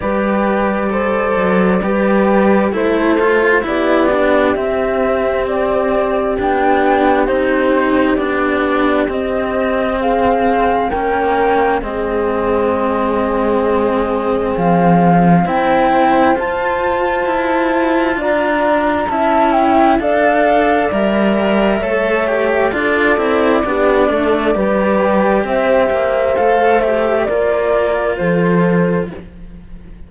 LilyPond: <<
  \new Staff \with { instrumentName = "flute" } { \time 4/4 \tempo 4 = 66 d''2. c''4 | d''4 e''4 d''4 g''4 | c''4 d''4 dis''4 f''4 | g''4 dis''2. |
f''4 g''4 a''2 | ais''4 a''8 g''8 f''4 e''4~ | e''4 d''2. | e''4 f''8 e''8 d''4 c''4 | }
  \new Staff \with { instrumentName = "horn" } { \time 4/4 b'4 c''4 b'4 a'4 | g'1~ | g'2. gis'4 | ais'4 gis'2.~ |
gis'4 c''2. | d''4 e''4 d''2 | cis''4 a'4 g'8 a'8 b'4 | c''2 ais'4 a'4 | }
  \new Staff \with { instrumentName = "cello" } { \time 4/4 g'4 a'4 g'4 e'8 f'8 | e'8 d'8 c'2 d'4 | dis'4 d'4 c'2 | cis'4 c'2.~ |
c'4 e'4 f'2~ | f'4 e'4 a'4 ais'4 | a'8 g'8 f'8 e'8 d'4 g'4~ | g'4 a'8 g'8 f'2 | }
  \new Staff \with { instrumentName = "cello" } { \time 4/4 g4. fis8 g4 a4 | b4 c'2 b4 | c'4 b4 c'2 | ais4 gis2. |
f4 c'4 f'4 e'4 | d'4 cis'4 d'4 g4 | a4 d'8 c'8 b8 a8 g4 | c'8 ais8 a4 ais4 f4 | }
>>